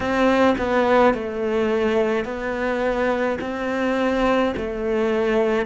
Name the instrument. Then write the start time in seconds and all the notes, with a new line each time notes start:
cello
0.00 C4
0.58 B3
1.13 A3
2.24 B3
3.41 C4
4.56 A3